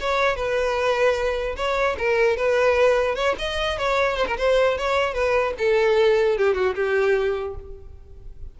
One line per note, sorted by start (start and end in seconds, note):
0.00 0.36 C#5
0.36 1.56 B4
1.56 1.96 C#5
1.98 2.36 A#4
2.36 3.15 B4
3.15 3.35 C#5
3.38 3.78 D#5
3.78 4.16 C#5
4.16 4.26 C5
4.27 4.37 A#4
4.37 4.77 C5
4.77 5.14 C#5
5.14 5.54 B4
5.58 6.38 A4
6.38 6.54 G4
6.54 6.74 F#4
6.75 7.55 G4